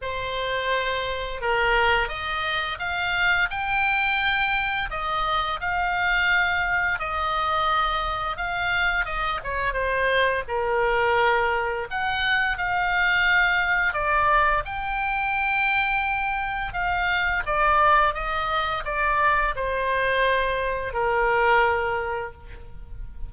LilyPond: \new Staff \with { instrumentName = "oboe" } { \time 4/4 \tempo 4 = 86 c''2 ais'4 dis''4 | f''4 g''2 dis''4 | f''2 dis''2 | f''4 dis''8 cis''8 c''4 ais'4~ |
ais'4 fis''4 f''2 | d''4 g''2. | f''4 d''4 dis''4 d''4 | c''2 ais'2 | }